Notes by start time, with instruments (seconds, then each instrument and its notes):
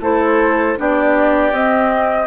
0.00 bassoon A3, clarinet E4, oboe A4, flute C5
0.77 bassoon B3, clarinet D4, oboe G4, flute D5
1.51 bassoon C4, clarinet C4, flute D#5